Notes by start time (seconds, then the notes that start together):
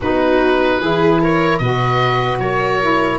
0.01 B3 D#4 F#4 B4
0.80 E3 E4 G#4
1.21 A#4 C#5
1.58 B2 F#4 B4 D#5
2.38 F#3 A#4 C#5
2.81 E4